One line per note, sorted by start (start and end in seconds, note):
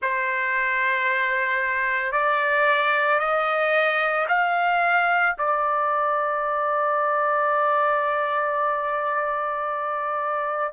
0.01 2.12 C5
2.12 3.19 D5
3.19 4.26 D#5
4.28 5.35 F5
5.38 10.72 D5